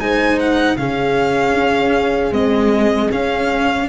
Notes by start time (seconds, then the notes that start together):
0.00 G#3 D#4 C5 G#5
0.40 F#5
0.77 C#3 C#4 G#4 F5
1.54 C#4
2.32 G#3 C4 D#5
3.12 C#4 F5